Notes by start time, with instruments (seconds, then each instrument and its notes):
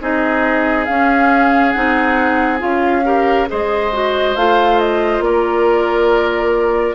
0.00 bassoon C4, clarinet D#4, oboe G#4, flute D#5
0.85 bassoon C#4, clarinet C#4, flute F5
1.71 bassoon C4, clarinet D#4, flute F#5
2.59 bassoon C#4, clarinet F4, flute F5
3.05 clarinet G4, oboe A#4
3.48 bassoon G#3, clarinet G#4, oboe C5, flute D#5
3.92 clarinet F#4
4.36 bassoon A3, clarinet F4, flute F5
4.79 flute D#5
5.20 bassoon A#3, oboe A#4, flute D5